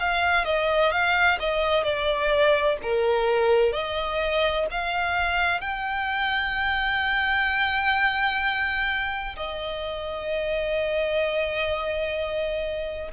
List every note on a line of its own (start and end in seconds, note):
0.00 0.45 F5
0.45 0.92 D#5
0.92 1.39 F5
1.40 1.84 D#5
1.84 2.78 D5
2.83 3.73 A#4
3.73 4.67 D#5
4.71 5.62 F5
5.62 9.37 G5
9.37 13.12 D#5